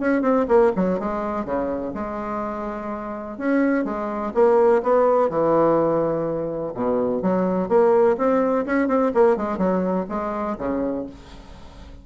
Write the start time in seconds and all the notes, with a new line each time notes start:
0.00 C#4
0.22 C4
0.48 A#3
0.76 F#3
1.00 G#3
1.45 C#3
1.95 G#3
3.38 C#4
3.85 G#3
4.35 A#3
4.83 B3
5.30 E3
6.75 B2
7.23 F#3
7.69 A#3
8.18 C4
8.66 C#4
8.88 C4
9.15 A#3
9.37 G#3
9.58 F#3
10.09 G#3
10.58 C#3